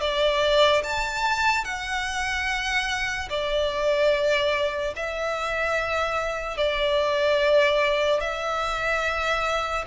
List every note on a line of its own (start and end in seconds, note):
0.00 0.82 D5
0.83 1.64 A5
1.64 3.28 F#5
3.29 4.94 D5
4.96 6.57 E5
6.57 8.20 D5
8.20 9.84 E5